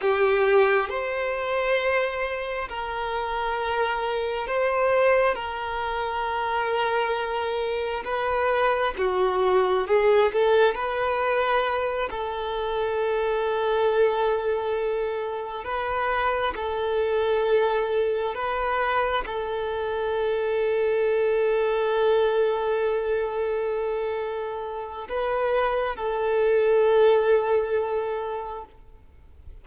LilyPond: \new Staff \with { instrumentName = "violin" } { \time 4/4 \tempo 4 = 67 g'4 c''2 ais'4~ | ais'4 c''4 ais'2~ | ais'4 b'4 fis'4 gis'8 a'8 | b'4. a'2~ a'8~ |
a'4. b'4 a'4.~ | a'8 b'4 a'2~ a'8~ | a'1 | b'4 a'2. | }